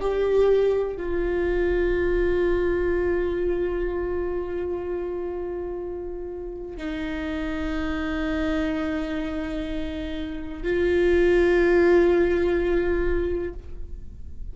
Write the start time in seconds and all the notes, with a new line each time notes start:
0.00 G4
0.96 F4
6.77 D#4
10.63 F4